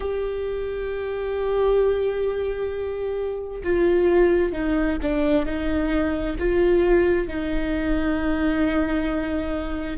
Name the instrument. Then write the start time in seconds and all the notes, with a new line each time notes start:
viola
0.00 G4
3.63 F4
4.52 D#4
5.02 D4
5.45 D#4
6.38 F4
7.27 D#4